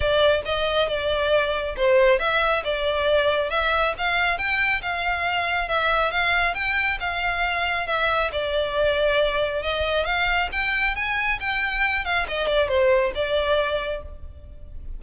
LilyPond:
\new Staff \with { instrumentName = "violin" } { \time 4/4 \tempo 4 = 137 d''4 dis''4 d''2 | c''4 e''4 d''2 | e''4 f''4 g''4 f''4~ | f''4 e''4 f''4 g''4 |
f''2 e''4 d''4~ | d''2 dis''4 f''4 | g''4 gis''4 g''4. f''8 | dis''8 d''8 c''4 d''2 | }